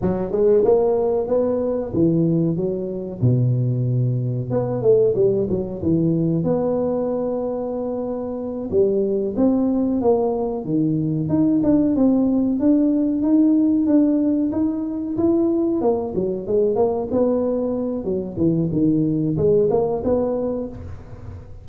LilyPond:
\new Staff \with { instrumentName = "tuba" } { \time 4/4 \tempo 4 = 93 fis8 gis8 ais4 b4 e4 | fis4 b,2 b8 a8 | g8 fis8 e4 b2~ | b4. g4 c'4 ais8~ |
ais8 dis4 dis'8 d'8 c'4 d'8~ | d'8 dis'4 d'4 dis'4 e'8~ | e'8 ais8 fis8 gis8 ais8 b4. | fis8 e8 dis4 gis8 ais8 b4 | }